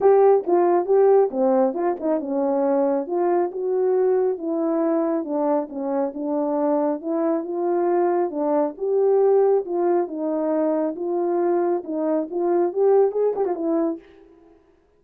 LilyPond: \new Staff \with { instrumentName = "horn" } { \time 4/4 \tempo 4 = 137 g'4 f'4 g'4 c'4 | f'8 dis'8 cis'2 f'4 | fis'2 e'2 | d'4 cis'4 d'2 |
e'4 f'2 d'4 | g'2 f'4 dis'4~ | dis'4 f'2 dis'4 | f'4 g'4 gis'8 g'16 f'16 e'4 | }